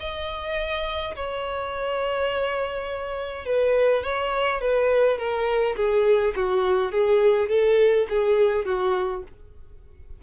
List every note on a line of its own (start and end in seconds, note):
0.00 1.15 D#5
1.16 3.46 C#5
3.46 4.04 B4
4.04 4.61 C#5
4.61 5.18 B4
5.18 5.76 A#4
5.76 6.34 G#4
6.36 6.92 F#4
6.92 7.49 G#4
7.49 8.07 A4
8.10 8.66 G#4
8.66 9.23 F#4